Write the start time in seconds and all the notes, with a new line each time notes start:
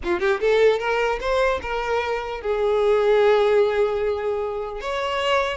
0.04 F4
0.19 G4
0.40 A4
0.79 A#4
1.20 C5
1.62 A#4
2.41 G#4
4.81 C#5